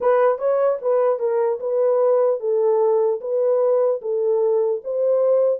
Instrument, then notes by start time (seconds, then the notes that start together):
horn
0.00 B4
0.38 C#5
0.81 B4
1.19 A#4
1.60 B4
2.40 A4
3.21 B4
4.01 A4
4.83 C5